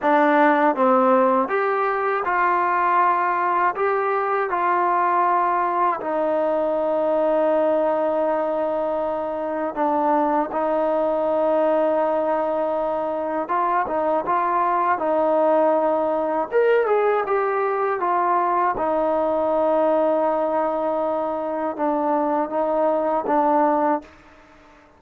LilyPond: \new Staff \with { instrumentName = "trombone" } { \time 4/4 \tempo 4 = 80 d'4 c'4 g'4 f'4~ | f'4 g'4 f'2 | dis'1~ | dis'4 d'4 dis'2~ |
dis'2 f'8 dis'8 f'4 | dis'2 ais'8 gis'8 g'4 | f'4 dis'2.~ | dis'4 d'4 dis'4 d'4 | }